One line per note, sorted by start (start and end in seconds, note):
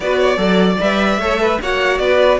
0.00 0.37 B3
0.00 0.37 F#4
0.00 0.19 B4
0.00 0.80 D5
0.19 0.39 C#5
0.37 0.77 F#3
0.37 0.77 A4
0.37 1.20 D5
0.80 1.18 G3
0.80 1.20 B4
0.80 1.61 E5
1.18 1.58 A3
1.18 1.60 A4
1.18 1.40 C#5
1.41 1.61 B4
1.61 1.99 A#3
1.61 2.39 F#4
1.61 2.01 C#5
1.61 1.97 F#5
1.97 2.39 B3
1.97 2.39 B4
1.97 2.37 D5